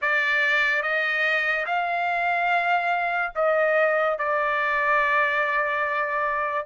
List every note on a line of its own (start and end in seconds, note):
0.01 0.82 D5
0.82 1.65 D#5
1.66 3.33 F5
3.35 4.18 D#5
4.18 6.66 D5